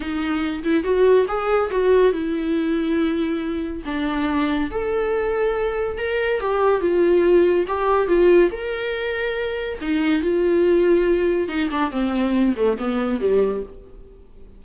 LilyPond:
\new Staff \with { instrumentName = "viola" } { \time 4/4 \tempo 4 = 141 dis'4. e'8 fis'4 gis'4 | fis'4 e'2.~ | e'4 d'2 a'4~ | a'2 ais'4 g'4 |
f'2 g'4 f'4 | ais'2. dis'4 | f'2. dis'8 d'8 | c'4. a8 b4 g4 | }